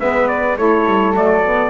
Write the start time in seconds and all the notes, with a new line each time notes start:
0.00 G#3 B3 B4 E5
0.28 D5
0.58 A3 E4 A4 C#5
0.86 G3
1.14 F#3 A3 D5
1.44 B3